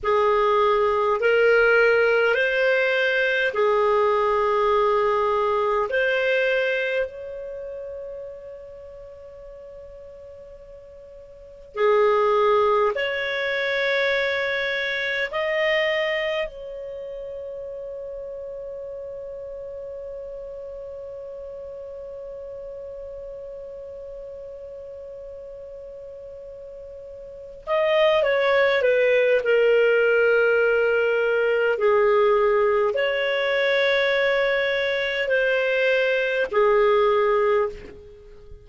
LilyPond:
\new Staff \with { instrumentName = "clarinet" } { \time 4/4 \tempo 4 = 51 gis'4 ais'4 c''4 gis'4~ | gis'4 c''4 cis''2~ | cis''2 gis'4 cis''4~ | cis''4 dis''4 cis''2~ |
cis''1~ | cis''2.~ cis''8 dis''8 | cis''8 b'8 ais'2 gis'4 | cis''2 c''4 gis'4 | }